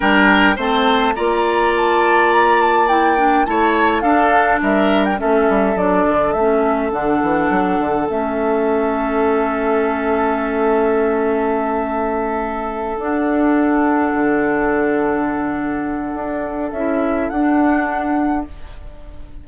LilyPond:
<<
  \new Staff \with { instrumentName = "flute" } { \time 4/4 \tempo 4 = 104 g''4 a''4 ais''4 a''4 | ais''8 a''8 g''4 a''4 f''4 | e''8. g''16 e''4 d''4 e''4 | fis''2 e''2~ |
e''1~ | e''2~ e''8 fis''4.~ | fis''1~ | fis''4 e''4 fis''2 | }
  \new Staff \with { instrumentName = "oboe" } { \time 4/4 ais'4 c''4 d''2~ | d''2 cis''4 a'4 | ais'4 a'2.~ | a'1~ |
a'1~ | a'1~ | a'1~ | a'1 | }
  \new Staff \with { instrumentName = "clarinet" } { \time 4/4 d'4 c'4 f'2~ | f'4 e'8 d'8 e'4 d'4~ | d'4 cis'4 d'4 cis'4 | d'2 cis'2~ |
cis'1~ | cis'2~ cis'8 d'4.~ | d'1~ | d'4 e'4 d'2 | }
  \new Staff \with { instrumentName = "bassoon" } { \time 4/4 g4 a4 ais2~ | ais2 a4 d'4 | g4 a8 g8 fis8 d8 a4 | d8 e8 fis8 d8 a2~ |
a1~ | a2~ a8 d'4.~ | d'8 d2.~ d8 | d'4 cis'4 d'2 | }
>>